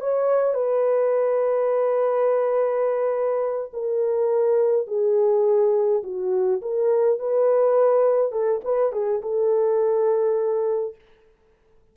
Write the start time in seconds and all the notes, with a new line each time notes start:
0.00 C#5
0.54 B4
3.73 A#4
4.87 G#4
6.03 F#4
6.62 A#4
7.19 B4
8.32 A4
8.64 B4
8.92 G#4
9.22 A4